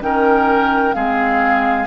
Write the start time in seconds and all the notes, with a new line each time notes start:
0.00 D#3 C#4 A#4 G5
0.94 G#3 C4 G#4 F5